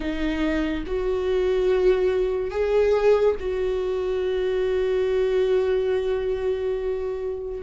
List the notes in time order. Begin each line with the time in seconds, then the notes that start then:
0.00 D#4
0.86 F#4
2.50 G#4
3.39 F#4